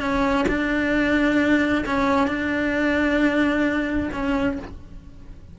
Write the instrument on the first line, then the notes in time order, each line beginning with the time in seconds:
cello
0.00 C#4
0.48 D4
1.86 C#4
2.27 D4
4.13 C#4